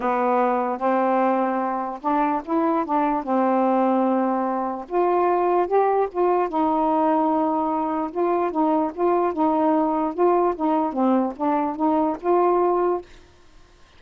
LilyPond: \new Staff \with { instrumentName = "saxophone" } { \time 4/4 \tempo 4 = 148 b2 c'2~ | c'4 d'4 e'4 d'4 | c'1 | f'2 g'4 f'4 |
dis'1 | f'4 dis'4 f'4 dis'4~ | dis'4 f'4 dis'4 c'4 | d'4 dis'4 f'2 | }